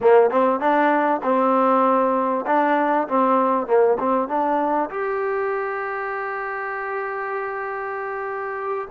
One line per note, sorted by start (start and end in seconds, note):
0.00 0.30 A#3
0.30 0.60 C4
0.60 1.21 D4
1.22 2.45 C4
2.46 3.08 D4
3.08 3.67 C4
3.67 3.97 A#3
3.99 4.28 C4
4.28 4.89 D4
4.90 8.88 G4